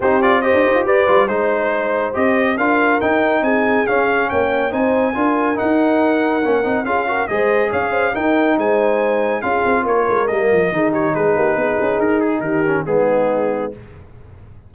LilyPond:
<<
  \new Staff \with { instrumentName = "trumpet" } { \time 4/4 \tempo 4 = 140 c''8 d''8 dis''4 d''4 c''4~ | c''4 dis''4 f''4 g''4 | gis''4 f''4 g''4 gis''4~ | gis''4 fis''2. |
f''4 dis''4 f''4 g''4 | gis''2 f''4 cis''4 | dis''4. cis''8 b'2 | ais'8 gis'8 ais'4 gis'2 | }
  \new Staff \with { instrumentName = "horn" } { \time 4/4 g'4 c''4 b'4 c''4~ | c''2 ais'2 | gis'2 cis''4 c''4 | ais'1 |
gis'8 ais'8 c''4 cis''8 c''8 ais'4 | c''2 gis'4 ais'4~ | ais'4 gis'8 g'8 gis'8 g'8 gis'4~ | gis'4 g'4 dis'2 | }
  \new Staff \with { instrumentName = "trombone" } { \time 4/4 dis'8 f'8 g'4. f'8 dis'4~ | dis'4 g'4 f'4 dis'4~ | dis'4 cis'2 dis'4 | f'4 dis'2 cis'8 dis'8 |
f'8 fis'8 gis'2 dis'4~ | dis'2 f'2 | ais4 dis'2.~ | dis'4. cis'8 b2 | }
  \new Staff \with { instrumentName = "tuba" } { \time 4/4 c'4~ c'16 d'16 dis'16 f'16 g'8 g8 gis4~ | gis4 c'4 d'4 dis'4 | c'4 cis'4 ais4 c'4 | d'4 dis'2 ais8 c'8 |
cis'4 gis4 cis'4 dis'4 | gis2 cis'8 c'8 ais8 gis8 | g8 f8 dis4 gis8 ais8 b8 cis'8 | dis'4 dis4 gis2 | }
>>